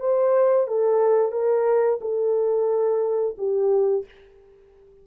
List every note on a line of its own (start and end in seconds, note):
0.00 0.67 C5
0.68 1.32 A4
1.32 1.99 A#4
2.01 3.36 A4
3.38 4.05 G4